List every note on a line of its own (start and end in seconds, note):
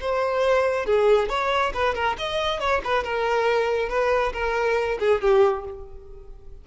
0.00 0.86 C5
0.86 1.29 G#4
1.29 1.72 C#5
1.73 1.94 B4
1.94 2.16 A#4
2.18 2.59 D#5
2.59 2.81 C#5
2.84 3.03 B4
3.03 3.89 A#4
3.89 4.32 B4
4.33 4.98 A#4
4.99 5.21 G#4
5.21 5.64 G4